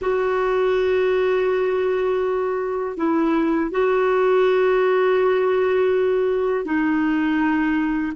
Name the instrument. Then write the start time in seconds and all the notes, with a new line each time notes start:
clarinet
0.01 F#4
2.96 E4
3.70 F#4
6.64 D#4